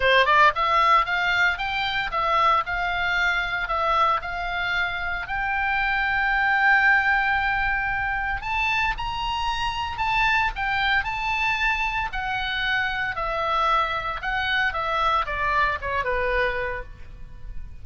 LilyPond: \new Staff \with { instrumentName = "oboe" } { \time 4/4 \tempo 4 = 114 c''8 d''8 e''4 f''4 g''4 | e''4 f''2 e''4 | f''2 g''2~ | g''1 |
a''4 ais''2 a''4 | g''4 a''2 fis''4~ | fis''4 e''2 fis''4 | e''4 d''4 cis''8 b'4. | }